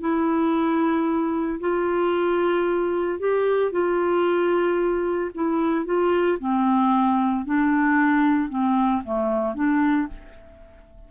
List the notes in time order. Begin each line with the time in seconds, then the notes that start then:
0.00 E4
1.60 F4
3.19 G4
3.71 F4
5.34 E4
5.85 F4
6.39 C4
7.45 D4
8.49 C4
9.03 A3
9.55 D4